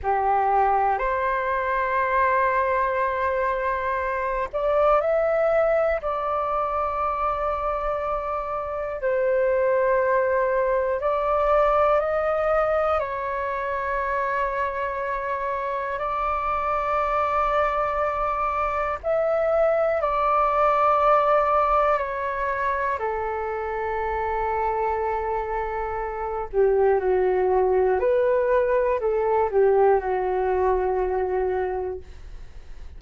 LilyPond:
\new Staff \with { instrumentName = "flute" } { \time 4/4 \tempo 4 = 60 g'4 c''2.~ | c''8 d''8 e''4 d''2~ | d''4 c''2 d''4 | dis''4 cis''2. |
d''2. e''4 | d''2 cis''4 a'4~ | a'2~ a'8 g'8 fis'4 | b'4 a'8 g'8 fis'2 | }